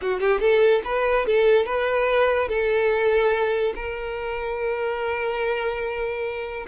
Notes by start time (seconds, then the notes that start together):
0.01 F#4
0.20 G4
0.40 A4
0.84 B4
1.26 A4
1.65 B4
2.48 A4
3.75 A#4